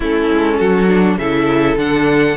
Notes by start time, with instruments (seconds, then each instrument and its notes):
0.00 cello A3, viola C#4, violin E4 A4
0.31 cello G#3
0.58 cello F#3, violin F#4
0.88 viola D4
1.17 cello C#3, viola E4, violin A4 E5
1.76 cello D3, viola D4, violin F#5